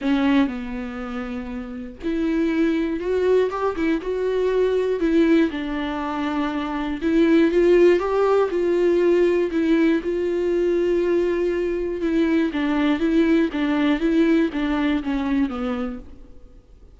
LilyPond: \new Staff \with { instrumentName = "viola" } { \time 4/4 \tempo 4 = 120 cis'4 b2. | e'2 fis'4 g'8 e'8 | fis'2 e'4 d'4~ | d'2 e'4 f'4 |
g'4 f'2 e'4 | f'1 | e'4 d'4 e'4 d'4 | e'4 d'4 cis'4 b4 | }